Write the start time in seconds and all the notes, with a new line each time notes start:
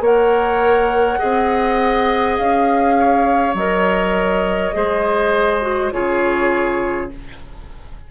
0.00 A#3 A#4 C#5 F#5
1.18 C4 G#4 D#5
2.37 C#4 F5
2.99 C#5
3.54 F#3 A#4 D#5
4.73 G#3 G#4 C5
5.61 F#4
5.92 C#3 F4 G#4 C#5